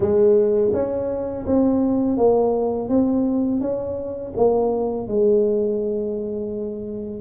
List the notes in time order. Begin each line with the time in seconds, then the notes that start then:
0.00 G#3
0.73 C#4
1.46 C4
2.17 A#3
2.88 C4
3.60 C#4
4.36 A#3
5.07 G#3